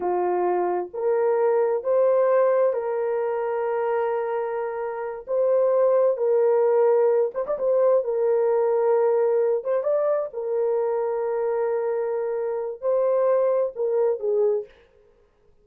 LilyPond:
\new Staff \with { instrumentName = "horn" } { \time 4/4 \tempo 4 = 131 f'2 ais'2 | c''2 ais'2~ | ais'2.~ ais'8 c''8~ | c''4. ais'2~ ais'8 |
c''16 d''16 c''4 ais'2~ ais'8~ | ais'4 c''8 d''4 ais'4.~ | ais'1 | c''2 ais'4 gis'4 | }